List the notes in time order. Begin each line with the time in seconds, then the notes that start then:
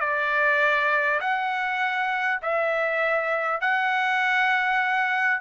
0.00 D5
1.20 F#5
2.42 E5
3.61 F#5